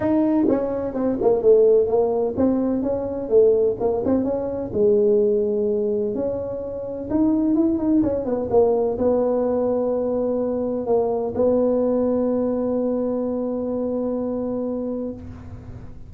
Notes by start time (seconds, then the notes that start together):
0.00 D#4
0.48 C#4
0.93 C4
1.21 A#3
1.42 A3
1.87 A#3
2.36 C4
2.82 C#4
3.29 A3
3.80 A#3
4.05 C4
4.24 C#4
4.73 G#3
6.14 C#4
7.10 D#4
7.55 E4
7.78 D#4
8.03 C#4
8.25 B3
8.50 A#3
8.98 B3
10.86 A#3
11.35 B3